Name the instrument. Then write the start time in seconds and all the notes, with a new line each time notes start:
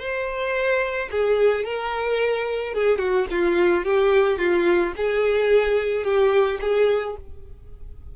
violin
0.00 C5
1.12 G#4
1.65 A#4
2.74 G#4
2.99 F#4
3.31 F4
3.85 G4
4.39 F4
4.97 G#4
6.05 G4
6.62 G#4